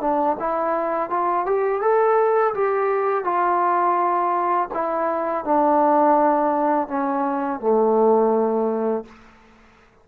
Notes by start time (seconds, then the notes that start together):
0.00 D4
0.39 E4
1.09 F4
1.46 G4
1.81 A4
2.54 G4
3.24 F4
4.73 E4
5.44 D4
6.87 C#4
7.60 A3